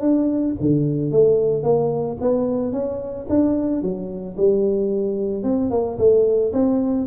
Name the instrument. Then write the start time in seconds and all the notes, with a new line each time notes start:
tuba
0.00 D4
0.60 D3
1.11 A3
1.63 A#3
2.20 B3
2.72 C#4
3.29 D4
3.82 F#3
4.37 G3
5.43 C4
5.70 A#3
5.98 A3
6.53 C4